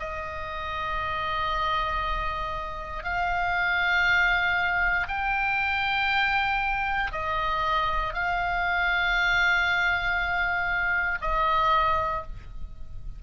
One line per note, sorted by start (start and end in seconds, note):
0.00 3.04 D#5
3.04 5.07 F5
5.08 7.12 G5
7.12 8.14 D#5
8.14 11.19 F5
11.21 12.23 D#5